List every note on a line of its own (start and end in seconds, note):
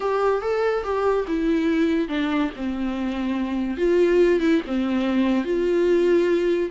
0.00 0.41 G4
0.41 0.83 A4
0.83 1.25 G4
1.27 2.08 E4
2.08 2.50 D4
2.56 3.77 C4
3.77 4.40 F4
4.40 4.61 E4
4.66 5.44 C4
5.44 6.70 F4